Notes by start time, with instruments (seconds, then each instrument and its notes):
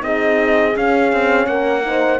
0.00 cello C4, horn D#4 G#4, trumpet D#5
0.75 horn C#4, cello C#4, trumpet F5
1.13 cello C4
1.47 cello A#3, horn A#4, trumpet F#5
1.83 horn D#4 C5